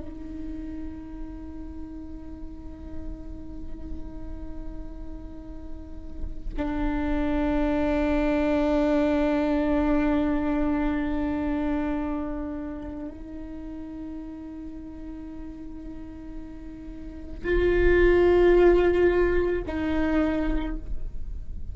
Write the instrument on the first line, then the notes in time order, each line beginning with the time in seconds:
viola
0.00 D#4
6.57 D4
13.11 D#4
17.44 F4
19.68 D#4